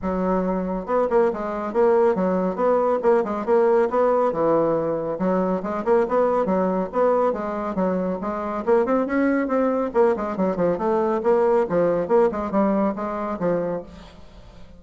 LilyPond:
\new Staff \with { instrumentName = "bassoon" } { \time 4/4 \tempo 4 = 139 fis2 b8 ais8 gis4 | ais4 fis4 b4 ais8 gis8 | ais4 b4 e2 | fis4 gis8 ais8 b4 fis4 |
b4 gis4 fis4 gis4 | ais8 c'8 cis'4 c'4 ais8 gis8 | fis8 f8 a4 ais4 f4 | ais8 gis8 g4 gis4 f4 | }